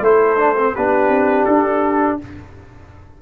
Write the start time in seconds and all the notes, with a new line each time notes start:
0.00 A3 E4 A4 C5
0.37 D4
0.57 C4
0.75 B3 D4 G4 B4
1.08 C4
1.44 D4 A4